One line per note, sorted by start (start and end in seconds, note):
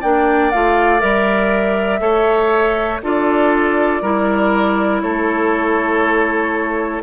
0.00 0.53 A#3
0.00 0.53 D4
0.00 2.00 D5
0.00 0.50 G5
0.50 1.02 A3
0.50 0.99 F4
0.50 1.00 F5
0.99 2.00 G3
0.99 1.99 A#4
0.99 3.00 E5
1.99 3.00 A3
1.99 2.99 A4
1.99 3.01 C#5
3.03 4.02 D4
3.03 4.03 F4
3.03 4.02 A4
3.03 5.01 D5
4.02 5.02 G3
4.02 7.02 E4
4.02 5.02 A#4
5.01 7.02 A3
5.01 7.02 A4
5.01 7.01 C#5